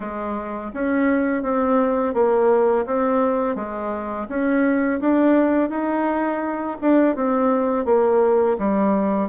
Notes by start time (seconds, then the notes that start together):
0.00 G#3
0.73 C#4
1.42 C4
2.14 A#3
2.86 C4
3.55 G#3
4.28 C#4
5.00 D4
5.69 D#4
6.81 D4
7.15 C4
7.85 A#3
8.58 G3